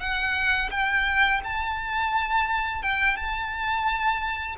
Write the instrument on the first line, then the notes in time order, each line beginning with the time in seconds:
violin
0.00 F#5
0.71 G5
1.45 A5
2.83 G5
3.17 A5